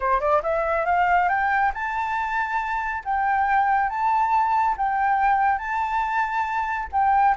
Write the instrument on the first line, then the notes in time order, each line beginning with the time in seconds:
flute
0.00 C5
0.20 D5
0.43 E5
0.85 F5
1.28 G5
1.74 A5
3.04 G5
3.89 A5
4.77 G5
5.58 A5
6.92 G5